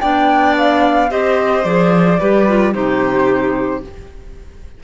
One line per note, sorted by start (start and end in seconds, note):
0.00 1.11 B3
0.00 1.09 D4
0.00 1.10 D5
0.00 0.55 G5
0.58 1.11 F5
1.09 1.64 C4
1.09 1.64 G4
1.09 2.19 C5
1.09 1.64 D#5
1.64 2.19 F3
1.64 2.19 G#4
1.64 2.74 D5
2.19 2.74 G3
2.19 2.47 G4
2.19 2.74 B4
2.47 2.73 F4
2.73 3.83 C3
2.73 3.82 D#4
2.73 3.83 G4
2.73 3.83 C5